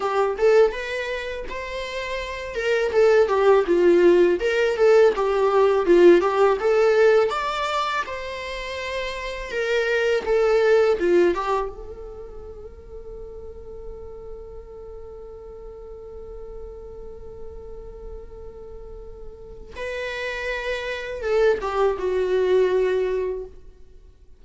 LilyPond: \new Staff \with { instrumentName = "viola" } { \time 4/4 \tempo 4 = 82 g'8 a'8 b'4 c''4. ais'8 | a'8 g'8 f'4 ais'8 a'8 g'4 | f'8 g'8 a'4 d''4 c''4~ | c''4 ais'4 a'4 f'8 g'8 |
a'1~ | a'1~ | a'2. b'4~ | b'4 a'8 g'8 fis'2 | }